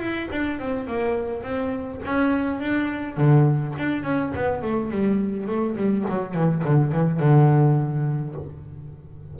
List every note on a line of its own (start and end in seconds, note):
0.00 0.29 E4
0.32 0.60 D4
0.60 0.87 C4
0.87 1.43 A#3
1.43 2.01 C4
2.05 2.60 C#4
2.60 3.17 D4
3.17 3.75 D3
3.78 4.04 D4
4.04 4.32 C#4
4.36 4.63 B3
4.63 4.91 A3
4.91 5.47 G3
5.47 5.76 A3
5.76 6.05 G3
6.10 6.34 F#3
6.34 6.63 E3
6.65 6.92 D3
6.92 7.20 E3
7.20 8.35 D3